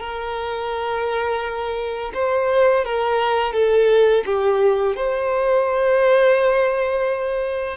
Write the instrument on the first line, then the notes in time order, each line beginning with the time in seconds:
violin
0.00 A#4
2.14 C5
2.85 A#4
3.53 A4
4.25 G4
4.96 C5